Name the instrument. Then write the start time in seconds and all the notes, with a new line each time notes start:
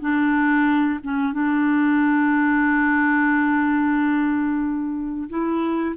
clarinet
0.00 D4
1.03 C#4
1.32 D4
5.29 E4